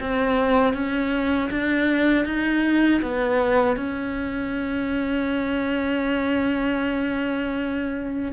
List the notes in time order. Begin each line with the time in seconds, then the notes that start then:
0.00 C4
0.74 C#4
1.51 D4
2.25 D#4
3.02 B3
3.76 C#4